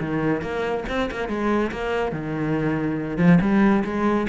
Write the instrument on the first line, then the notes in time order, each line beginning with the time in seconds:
cello
0.00 D#3
0.42 A#3
0.89 C4
1.11 A#3
1.29 G#3
1.72 A#3
2.12 D#3
3.18 F3
3.41 G3
3.85 G#3